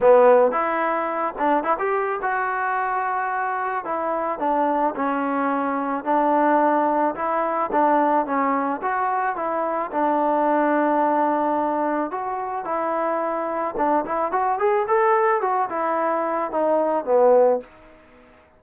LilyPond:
\new Staff \with { instrumentName = "trombone" } { \time 4/4 \tempo 4 = 109 b4 e'4. d'8 e'16 g'8. | fis'2. e'4 | d'4 cis'2 d'4~ | d'4 e'4 d'4 cis'4 |
fis'4 e'4 d'2~ | d'2 fis'4 e'4~ | e'4 d'8 e'8 fis'8 gis'8 a'4 | fis'8 e'4. dis'4 b4 | }